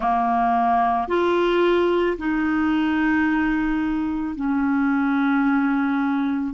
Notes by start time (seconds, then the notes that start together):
0.00 A#3
1.08 F4
2.18 D#4
4.35 C#4